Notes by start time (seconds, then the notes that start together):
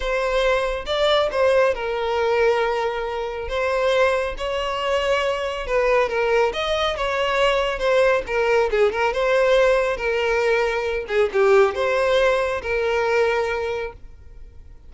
0.00 C5
0.86 D5
1.31 C5
1.74 A#4
3.48 C5
4.37 C#5
5.67 B4
6.08 A#4
6.53 D#5
6.96 C#5
7.78 C5
8.26 A#4
8.70 G#4
8.92 A#4
9.13 C5
9.97 A#4
11.08 G#4
11.32 G4
11.74 C5
12.62 A#4